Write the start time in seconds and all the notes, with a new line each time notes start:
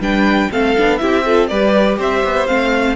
0.00 G3 D4 B4 G5
0.51 A3 C4 A4 F5
0.77 B3 D4
0.98 C4 E4 G4 E5
1.26 F4 A4
1.48 G3 G4 B4 D5
1.99 C4 C5 E5
2.24 B3
2.47 A3 C4 F5